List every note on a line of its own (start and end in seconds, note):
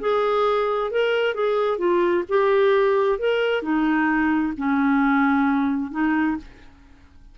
0.00 0.91 G#4
0.91 1.35 A#4
1.35 1.78 G#4
1.78 2.24 F4
2.29 3.19 G4
3.19 3.63 A#4
3.63 4.54 D#4
4.58 5.92 C#4
5.92 6.37 D#4